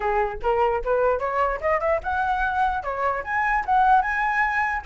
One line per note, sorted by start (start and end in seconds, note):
0.00 0.37 G#4
0.42 0.82 A#4
0.84 1.19 B4
1.19 1.59 C#5
1.60 1.80 D#5
1.80 2.00 E5
2.03 2.83 F#5
2.83 3.23 C#5
3.24 3.64 G#5
3.65 4.01 F#5
4.01 4.82 G#5